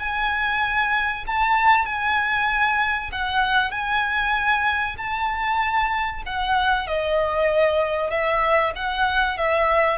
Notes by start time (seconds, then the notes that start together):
0.00 G#5
1.27 A5
1.86 G#5
3.12 F#5
3.71 G#5
4.98 A5
6.26 F#5
6.88 D#5
8.11 E5
8.76 F#5
9.38 E5